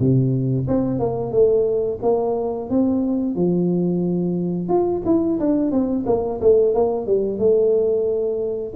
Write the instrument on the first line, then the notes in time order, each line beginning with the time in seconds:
tuba
0.00 C3
0.68 C4
1.00 A#3
1.32 A3
2.03 A#3
2.70 C4
3.36 F3
4.69 F4
5.06 E4
5.40 D4
5.72 C4
6.07 A#3
6.42 A3
6.75 A#3
7.07 G3
7.39 A3